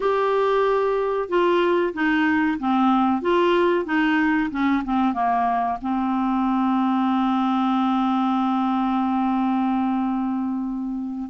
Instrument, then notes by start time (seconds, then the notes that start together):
clarinet
0.00 G4
1.28 F4
1.93 D#4
2.59 C4
3.21 F4
3.85 D#4
4.50 C#4
4.84 C4
5.13 A#3
5.81 C4